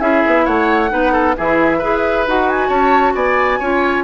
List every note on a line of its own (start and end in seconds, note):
0.00 0.22 C#4
0.00 0.89 E4
0.00 0.45 G#4
0.00 0.45 E5
0.26 0.47 B3
0.45 0.91 A3
0.45 0.90 C#5
0.45 1.35 F#5
0.89 1.36 B3
0.89 1.34 D#4
0.89 1.12 B4
1.12 1.34 A4
1.37 1.83 E3
1.37 1.81 E4
1.37 1.78 G#4
1.37 2.28 E5
1.78 2.27 E4
1.78 2.26 G#4
1.78 2.68 B4
2.27 2.69 D#4
2.27 3.61 F#4
2.27 2.49 F#5
2.49 2.69 G#5
2.68 3.14 C#4
2.68 3.13 C#5
2.68 3.13 A5
3.14 3.59 B3
3.14 3.59 D5
3.14 4.04 G#5
3.59 4.04 C#4
3.59 4.04 F4
3.59 4.04 C#5